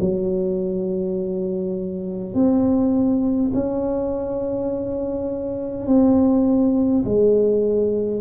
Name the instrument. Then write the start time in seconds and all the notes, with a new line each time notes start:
tuba
0.00 F#3
2.34 C4
3.53 C#4
5.86 C4
7.04 G#3